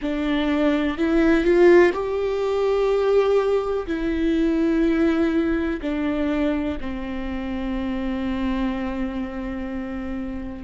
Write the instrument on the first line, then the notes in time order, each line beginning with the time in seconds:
viola
0.01 D4
0.97 E4
1.44 F4
1.93 G4
3.86 E4
5.81 D4
6.80 C4